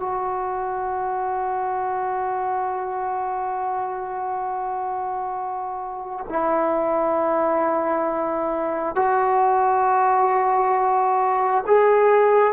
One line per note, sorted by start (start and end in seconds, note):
0.00 6.27 F#4
6.30 8.96 E4
8.96 11.65 F#4
11.67 12.54 G#4